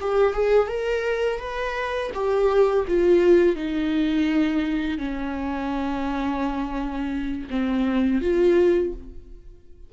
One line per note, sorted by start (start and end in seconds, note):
0.00 0.33 G4
0.33 0.68 G#4
0.68 1.39 A#4
1.39 2.10 B4
2.14 2.85 G4
2.87 3.56 F4
3.56 4.98 D#4
4.98 7.48 C#4
7.50 8.21 C4
8.21 8.93 F4